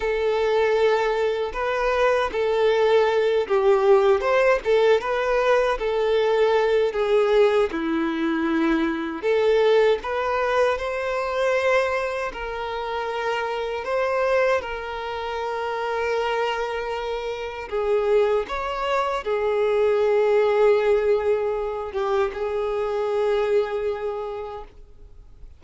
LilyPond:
\new Staff \with { instrumentName = "violin" } { \time 4/4 \tempo 4 = 78 a'2 b'4 a'4~ | a'8 g'4 c''8 a'8 b'4 a'8~ | a'4 gis'4 e'2 | a'4 b'4 c''2 |
ais'2 c''4 ais'4~ | ais'2. gis'4 | cis''4 gis'2.~ | gis'8 g'8 gis'2. | }